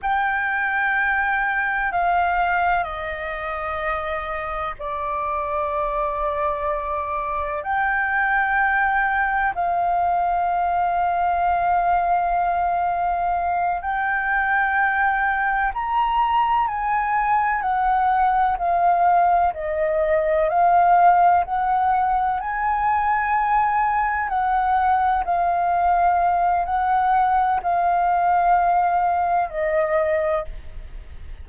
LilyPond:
\new Staff \with { instrumentName = "flute" } { \time 4/4 \tempo 4 = 63 g''2 f''4 dis''4~ | dis''4 d''2. | g''2 f''2~ | f''2~ f''8 g''4.~ |
g''8 ais''4 gis''4 fis''4 f''8~ | f''8 dis''4 f''4 fis''4 gis''8~ | gis''4. fis''4 f''4. | fis''4 f''2 dis''4 | }